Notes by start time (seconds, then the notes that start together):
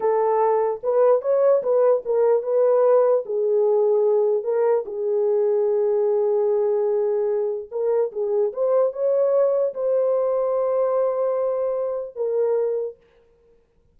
0.00 A4
0.83 B4
1.21 C#5
1.62 B4
2.05 A#4
2.43 B4
3.25 G#4
4.43 A#4
4.85 G#4
7.71 A#4
8.12 G#4
8.52 C5
8.92 C#5
9.74 C5
12.15 A#4